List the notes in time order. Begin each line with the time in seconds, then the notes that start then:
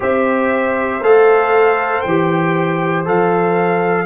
0.00 C4 G4 C5 E5
1.00 A3 A4 F5
2.00 E3 G5
2.08 G4
3.05 F3 A4 F5